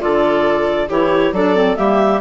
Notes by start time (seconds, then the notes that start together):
0.00 D3 F4 A4 D5
0.89 E3 E4 G4 C#5
1.33 F#3 D4 A4 D5
1.55 C4
1.76 G3 A#3 G4 E5